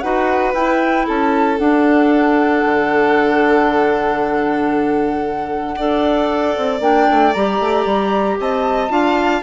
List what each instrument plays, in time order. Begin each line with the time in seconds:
0.00 bassoon D#4, clarinet F#4, violin B4, flute F#5
0.53 bassoon E4, clarinet E4, flute G5
1.05 bassoon C#4, violin A4, flute A5
1.58 clarinet D4, bassoon D4, flute F#5
2.65 bassoon D3
5.76 bassoon D4, clarinet A4, violin D5
6.56 bassoon C4
6.79 bassoon A#3, clarinet D4, flute G5
7.10 bassoon A3
7.32 bassoon G3, clarinet G4, flute A#5
7.59 bassoon A3
7.85 bassoon G3
8.39 bassoon C4, violin D#5, flute A5
8.89 bassoon D4, clarinet F4, violin F5